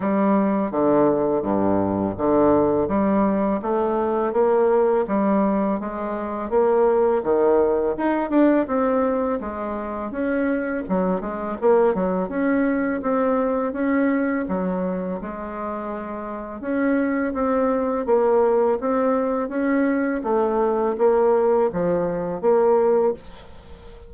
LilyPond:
\new Staff \with { instrumentName = "bassoon" } { \time 4/4 \tempo 4 = 83 g4 d4 g,4 d4 | g4 a4 ais4 g4 | gis4 ais4 dis4 dis'8 d'8 | c'4 gis4 cis'4 fis8 gis8 |
ais8 fis8 cis'4 c'4 cis'4 | fis4 gis2 cis'4 | c'4 ais4 c'4 cis'4 | a4 ais4 f4 ais4 | }